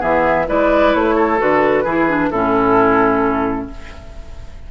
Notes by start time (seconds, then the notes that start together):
0.00 E3 B3 G#4 E5
0.47 G#3 E4 B4 D5
0.94 A3 C#5
1.16 A4
1.38 D3 F#4 B4
1.84 E3 E4 G#4
2.09 D4
2.30 A2 C#4 E4 A4